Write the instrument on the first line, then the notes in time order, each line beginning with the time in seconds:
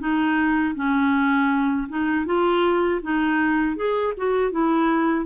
clarinet
0.00 D#4
0.75 C#4
1.89 D#4
2.26 F4
3.02 D#4
3.76 G#4
4.17 F#4
4.52 E4